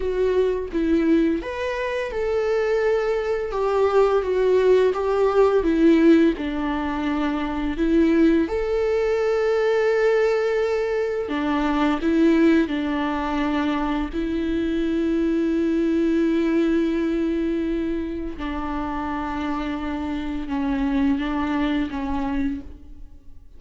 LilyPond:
\new Staff \with { instrumentName = "viola" } { \time 4/4 \tempo 4 = 85 fis'4 e'4 b'4 a'4~ | a'4 g'4 fis'4 g'4 | e'4 d'2 e'4 | a'1 |
d'4 e'4 d'2 | e'1~ | e'2 d'2~ | d'4 cis'4 d'4 cis'4 | }